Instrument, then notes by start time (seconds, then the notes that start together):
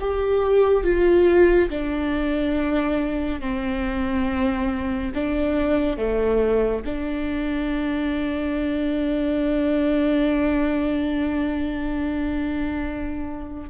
viola
0.00 G4
0.83 F4
1.69 D4
3.41 C4
5.14 D4
5.97 A3
6.85 D4